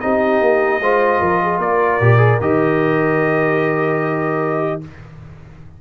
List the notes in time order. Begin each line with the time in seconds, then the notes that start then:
0.00 C4 D#4 G4 D#5
0.41 A#3
0.80 G#3 F4 C5
1.21 F3 A#4
1.43 G#4
1.58 A#3 A#4 D5
2.00 A#2 G4
2.18 G#4
2.41 D#3 G4 D#5